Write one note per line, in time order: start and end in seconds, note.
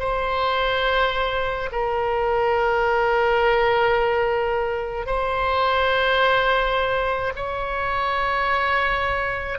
0.00 1.70 C5
1.72 5.06 A#4
5.06 7.33 C5
7.36 9.59 C#5